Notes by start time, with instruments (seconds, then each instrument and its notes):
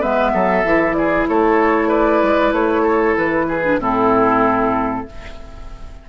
0.00 bassoon G#3, clarinet B3, oboe B4, flute E5
0.33 bassoon F#3, oboe A4
0.64 bassoon E3, clarinet E4
0.94 oboe G#4, flute D5
1.28 bassoon A3, oboe A4, flute C#5
1.88 oboe B4, flute D5
2.22 bassoon G#3
2.52 bassoon A3, flute C#5
2.83 oboe A4
3.17 bassoon E3, flute B4
3.48 oboe G#4
3.64 clarinet D4
3.79 bassoon A2, clarinet C4, oboe E4, flute A4